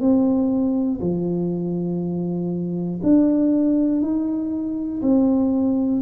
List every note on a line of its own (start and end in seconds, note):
0.00 1.00 C4
1.00 3.00 F3
3.03 4.01 D4
4.01 5.01 D#4
5.02 6.02 C4